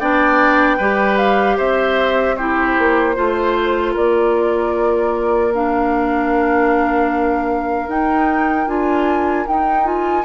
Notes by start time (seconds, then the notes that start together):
0.00 B3 D4 D5 G5
0.78 G3 G4 B4
1.18 F5
1.57 C4 C5 E5
2.36 E4 G4 C5
2.79 A#3
3.15 A3 F4 C5
3.94 A#3 A#4 D5
5.54 D4 F5
7.88 D#4 G5
8.67 D4 F4 G#5
9.48 D#4 G5
9.84 F4 G#5